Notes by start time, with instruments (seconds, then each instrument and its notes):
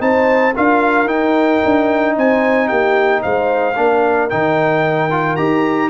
0.00 tuba C4, trombone D#4, horn C5, trumpet A5
0.55 tuba D4, trombone F4, horn A#4, trumpet F5
1.05 tuba D#4, trombone D#4, trumpet G5
1.65 tuba D4
2.17 tuba C4, horn C5, trumpet G#5
2.68 tuba A#3, horn G4, trumpet G5
3.23 tuba G#3, horn C5, trumpet F5
3.76 tuba A#3, trombone D4, horn A#4
4.30 tuba D#3, trombone D#4, trumpet G5
5.11 trombone F4
5.36 tuba D#4, trombone G4, trumpet A#5